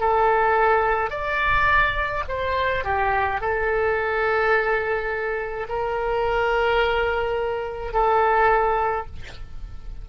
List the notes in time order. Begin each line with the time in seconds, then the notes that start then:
0.00 A4
1.10 D5
2.28 C5
2.85 G4
3.41 A4
5.69 A#4
7.93 A4